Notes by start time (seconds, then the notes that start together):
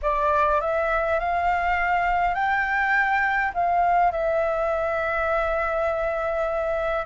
0.02 D5
0.60 E5
1.19 F5
2.34 G5
3.53 F5
4.11 E5